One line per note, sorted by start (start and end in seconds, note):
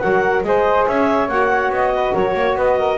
0.00 0.44 F#3
0.00 0.43 F#4
0.00 0.46 A#4
0.00 0.43 F#5
0.43 0.87 G#3
0.43 1.28 G#4
0.43 0.88 C5
0.43 0.86 D#5
0.87 1.29 C#4
0.87 1.94 C#5
0.87 1.29 E5
1.29 1.70 A#3
1.29 2.98 F#4
1.29 1.72 F#5
1.70 2.13 B3
1.70 2.15 D#5
1.95 2.13 B4
2.13 2.34 F#3
2.13 2.34 A#4
2.13 2.58 C#5
2.34 2.56 A#3
2.34 2.58 C#5
2.56 2.98 B3
2.56 2.79 B4
2.56 2.98 D#5
2.79 2.98 A#4